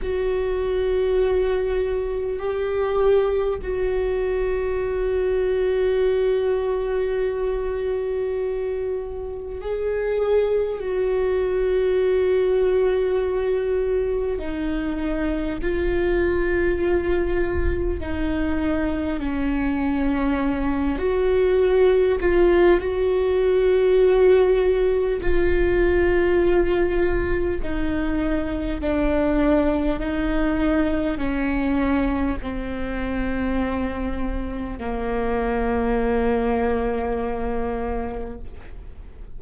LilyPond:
\new Staff \with { instrumentName = "viola" } { \time 4/4 \tempo 4 = 50 fis'2 g'4 fis'4~ | fis'1 | gis'4 fis'2. | dis'4 f'2 dis'4 |
cis'4. fis'4 f'8 fis'4~ | fis'4 f'2 dis'4 | d'4 dis'4 cis'4 c'4~ | c'4 ais2. | }